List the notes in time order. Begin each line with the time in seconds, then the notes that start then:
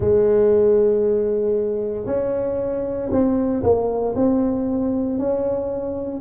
0.00 G#3
2.05 C#4
3.11 C4
3.63 A#3
4.15 C4
5.19 C#4